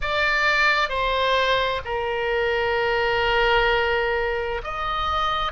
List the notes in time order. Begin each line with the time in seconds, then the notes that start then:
0.01 D5
0.89 C5
1.85 A#4
4.63 D#5